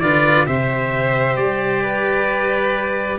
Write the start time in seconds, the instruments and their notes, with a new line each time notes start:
0.00 tuba D3, cello F4, violin B4, trumpet D5
0.46 tuba C3, cello G4, violin C5, trumpet E5
1.37 tuba G3, trumpet D5
1.83 violin B4